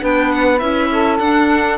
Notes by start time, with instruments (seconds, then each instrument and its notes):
0.00 cello B3, clarinet D4, saxophone B4, violin G5
0.32 violin F#5
0.59 cello C#4, clarinet E4, violin E5
0.92 saxophone A4
1.19 cello D4, clarinet D4, violin F#5